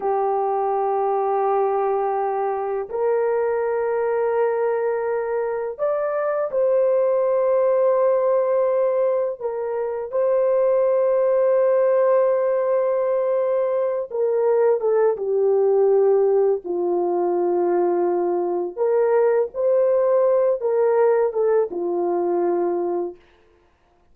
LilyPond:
\new Staff \with { instrumentName = "horn" } { \time 4/4 \tempo 4 = 83 g'1 | ais'1 | d''4 c''2.~ | c''4 ais'4 c''2~ |
c''2.~ c''8 ais'8~ | ais'8 a'8 g'2 f'4~ | f'2 ais'4 c''4~ | c''8 ais'4 a'8 f'2 | }